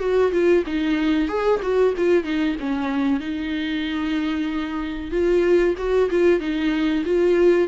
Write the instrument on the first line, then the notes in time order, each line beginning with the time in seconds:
viola
0.00 F#4
0.32 F4
0.67 D#4
1.29 G#4
1.62 F#4
1.98 F4
2.25 D#4
2.61 C#4
3.21 D#4
5.12 F4
5.78 F#4
6.11 F4
6.41 D#4
7.05 F4